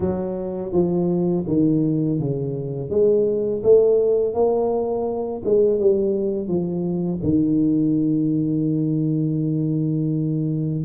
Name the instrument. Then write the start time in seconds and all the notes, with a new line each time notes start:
tuba
0.00 F#3
0.72 F3
1.47 D#3
2.19 C#3
2.89 G#3
3.63 A3
4.34 A#3
5.44 G#3
5.79 G3
6.48 F3
7.23 D#3